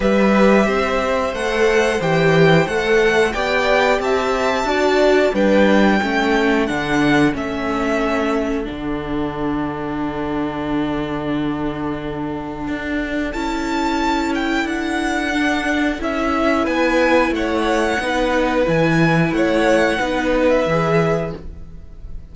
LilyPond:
<<
  \new Staff \with { instrumentName = "violin" } { \time 4/4 \tempo 4 = 90 e''2 fis''4 g''4 | fis''4 g''4 a''2 | g''2 fis''4 e''4~ | e''4 fis''2.~ |
fis''1 | a''4. g''8 fis''2 | e''4 gis''4 fis''2 | gis''4 fis''4.~ fis''16 e''4~ e''16 | }
  \new Staff \with { instrumentName = "violin" } { \time 4/4 b'4 c''2.~ | c''4 d''4 e''4 d''4 | b'4 a'2.~ | a'1~ |
a'1~ | a'1~ | a'4 b'4 cis''4 b'4~ | b'4 cis''4 b'2 | }
  \new Staff \with { instrumentName = "viola" } { \time 4/4 g'2 a'4 g'4 | a'4 g'2 fis'4 | d'4 cis'4 d'4 cis'4~ | cis'4 d'2.~ |
d'1 | e'2. d'4 | e'2. dis'4 | e'2 dis'4 gis'4 | }
  \new Staff \with { instrumentName = "cello" } { \time 4/4 g4 c'4 a4 e4 | a4 b4 c'4 d'4 | g4 a4 d4 a4~ | a4 d2.~ |
d2. d'4 | cis'2 d'2 | cis'4 b4 a4 b4 | e4 a4 b4 e4 | }
>>